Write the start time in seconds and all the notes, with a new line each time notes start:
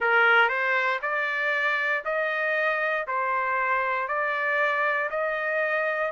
0.00 A#4
0.48 C5
1.02 D5
2.04 D#5
3.07 C5
4.07 D5
5.10 D#5